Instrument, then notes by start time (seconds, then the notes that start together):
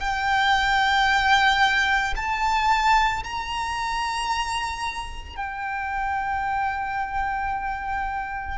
violin
0.00 G5
2.16 A5
3.24 A#5
5.37 G5